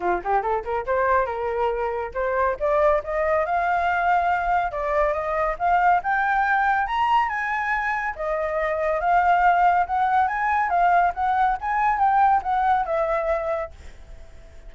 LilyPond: \new Staff \with { instrumentName = "flute" } { \time 4/4 \tempo 4 = 140 f'8 g'8 a'8 ais'8 c''4 ais'4~ | ais'4 c''4 d''4 dis''4 | f''2. d''4 | dis''4 f''4 g''2 |
ais''4 gis''2 dis''4~ | dis''4 f''2 fis''4 | gis''4 f''4 fis''4 gis''4 | g''4 fis''4 e''2 | }